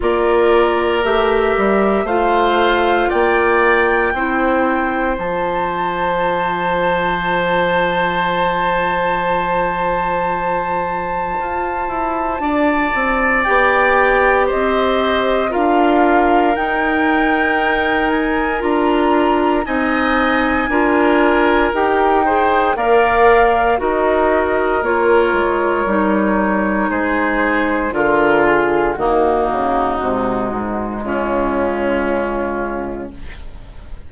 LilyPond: <<
  \new Staff \with { instrumentName = "flute" } { \time 4/4 \tempo 4 = 58 d''4 e''4 f''4 g''4~ | g''4 a''2.~ | a''1~ | a''4 g''4 dis''4 f''4 |
g''4. gis''8 ais''4 gis''4~ | gis''4 g''4 f''4 dis''4 | cis''2 c''4 ais'8 gis'8 | fis'2 f'2 | }
  \new Staff \with { instrumentName = "oboe" } { \time 4/4 ais'2 c''4 d''4 | c''1~ | c''1 | d''2 c''4 ais'4~ |
ais'2. dis''4 | ais'4. c''8 d''4 ais'4~ | ais'2 gis'4 f'4 | dis'2 cis'2 | }
  \new Staff \with { instrumentName = "clarinet" } { \time 4/4 f'4 g'4 f'2 | e'4 f'2.~ | f'1~ | f'4 g'2 f'4 |
dis'2 f'4 dis'4 | f'4 g'8 gis'8 ais'4 fis'4 | f'4 dis'2 f'4 | ais4 gis2. | }
  \new Staff \with { instrumentName = "bassoon" } { \time 4/4 ais4 a8 g8 a4 ais4 | c'4 f2.~ | f2. f'8 e'8 | d'8 c'8 b4 c'4 d'4 |
dis'2 d'4 c'4 | d'4 dis'4 ais4 dis'4 | ais8 gis8 g4 gis4 d4 | dis8 cis8 c8 gis,8 cis2 | }
>>